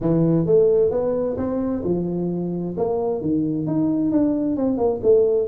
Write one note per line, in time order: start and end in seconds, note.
0.00 0.45 E3
0.45 0.91 A3
0.91 1.36 B3
1.37 1.83 C4
1.84 2.76 F3
2.77 3.21 A#3
3.21 3.66 D#3
3.66 4.11 D#4
4.11 4.56 D4
4.56 4.77 C4
4.77 5.00 A#3
5.02 5.48 A3